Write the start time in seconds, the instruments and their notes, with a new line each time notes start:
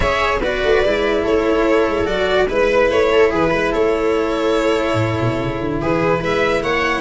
0.00 tuba C#4, cello G#4, viola C#5, violin E5
0.39 tuba B3, cello F#4, viola B4, violin D5
0.63 tuba A3
0.84 tuba G#3, cello E4
1.22 tuba A3, viola A4, violin C#5
1.87 tuba G#3
2.05 tuba F#3, cello F#4, violin D5
2.48 tuba G#3, cello E4, viola B4, violin B4
2.90 tuba A3, violin C#5
3.11 viola A4
3.30 tuba E3, viola G#4, violin B4
3.50 tuba G#3, viola B4
3.71 tuba A3, viola A4, violin C#5
4.93 tuba A2
5.20 tuba B2
5.39 tuba C#3
5.60 tuba D3
5.81 tuba E3, viola G#4, violin B4
6.20 tuba G#3, viola B4, violin E5
6.62 tuba A#3, viola C#5, violin F#5